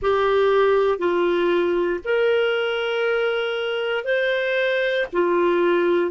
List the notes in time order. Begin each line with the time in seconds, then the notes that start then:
0.01 G4
0.98 F4
2.04 A#4
4.04 C5
5.12 F4